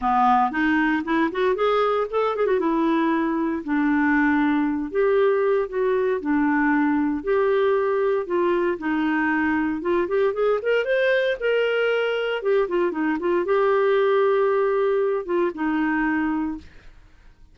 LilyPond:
\new Staff \with { instrumentName = "clarinet" } { \time 4/4 \tempo 4 = 116 b4 dis'4 e'8 fis'8 gis'4 | a'8 gis'16 fis'16 e'2 d'4~ | d'4. g'4. fis'4 | d'2 g'2 |
f'4 dis'2 f'8 g'8 | gis'8 ais'8 c''4 ais'2 | g'8 f'8 dis'8 f'8 g'2~ | g'4. f'8 dis'2 | }